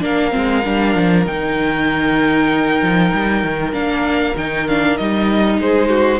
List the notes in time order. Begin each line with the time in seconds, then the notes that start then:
0.00 A#3 D4 A#4 F5
0.30 G#3 C4
0.64 G3 D4
0.95 F3
1.25 D#3 D#4 G5
2.81 F3
3.13 G3
3.43 D#3
3.72 A#3 D4 F5
4.36 D#3 D#4 G5
4.68 D4 F5
4.97 G3 D#4 D#5
5.58 G#3 G#4 C5
5.89 F#4